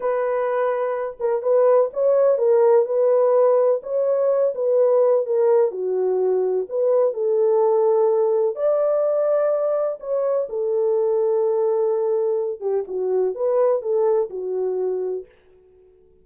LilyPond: \new Staff \with { instrumentName = "horn" } { \time 4/4 \tempo 4 = 126 b'2~ b'8 ais'8 b'4 | cis''4 ais'4 b'2 | cis''4. b'4. ais'4 | fis'2 b'4 a'4~ |
a'2 d''2~ | d''4 cis''4 a'2~ | a'2~ a'8 g'8 fis'4 | b'4 a'4 fis'2 | }